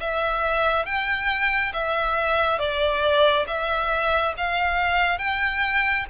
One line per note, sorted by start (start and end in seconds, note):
0.00 0.86 E5
0.86 1.73 G5
1.73 2.59 E5
2.59 3.46 D5
3.47 4.34 E5
4.38 5.19 F5
5.19 6.06 G5